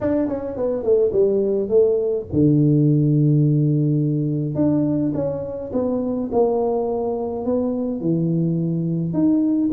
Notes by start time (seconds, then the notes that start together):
0.00 D4
0.28 C#4
0.56 B3
0.83 A3
1.12 G3
1.69 A3
2.32 D3
4.55 D4
5.14 C#4
5.72 B3
6.32 A#3
7.45 B3
8.00 E3
9.13 D#4